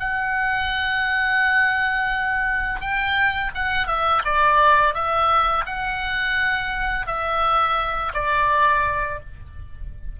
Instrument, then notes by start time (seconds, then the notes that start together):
oboe
0.00 F#5
2.80 G5
3.55 F#5
3.87 E5
4.25 D5
4.94 E5
5.66 F#5
7.07 E5
8.14 D5